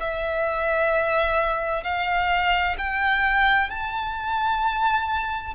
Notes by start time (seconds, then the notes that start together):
0.00 E5
1.83 F5
2.78 G5
3.70 A5